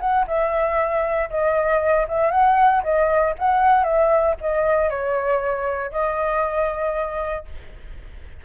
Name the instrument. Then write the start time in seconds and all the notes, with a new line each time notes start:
flute
0.00 F#5
0.28 E5
1.30 D#5
2.08 E5
2.31 F#5
2.83 D#5
3.39 F#5
3.84 E5
4.41 D#5
4.90 C#5
5.92 D#5